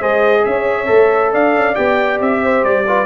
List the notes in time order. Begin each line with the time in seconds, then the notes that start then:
0.00 G#3 G#4 C5 D#5
0.45 C#4 C#5 E5
0.86 A3 A4
1.33 D4 D5 F5
1.55 C#4
1.75 B3 G4 G5
2.21 C4 E5
2.44 C5
2.64 G3 D5
2.87 F4 B4